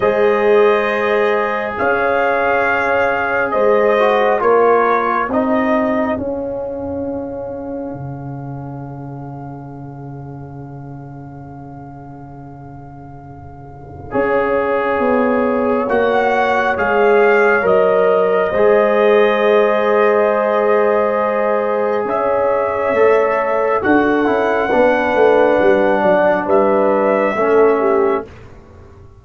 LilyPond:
<<
  \new Staff \with { instrumentName = "trumpet" } { \time 4/4 \tempo 4 = 68 dis''2 f''2 | dis''4 cis''4 dis''4 f''4~ | f''1~ | f''1~ |
f''2 fis''4 f''4 | dis''1~ | dis''4 e''2 fis''4~ | fis''2 e''2 | }
  \new Staff \with { instrumentName = "horn" } { \time 4/4 c''2 cis''2 | c''4 ais'4 gis'2~ | gis'1~ | gis'1 |
cis''1~ | cis''4 c''2.~ | c''4 cis''2 a'4 | b'4. d''8 b'4 a'8 g'8 | }
  \new Staff \with { instrumentName = "trombone" } { \time 4/4 gis'1~ | gis'8 fis'8 f'4 dis'4 cis'4~ | cis'1~ | cis'1 |
gis'2 fis'4 gis'4 | ais'4 gis'2.~ | gis'2 a'4 fis'8 e'8 | d'2. cis'4 | }
  \new Staff \with { instrumentName = "tuba" } { \time 4/4 gis2 cis'2 | gis4 ais4 c'4 cis'4~ | cis'4 cis2.~ | cis1 |
cis'4 b4 ais4 gis4 | fis4 gis2.~ | gis4 cis'4 a4 d'8 cis'8 | b8 a8 g8 fis8 g4 a4 | }
>>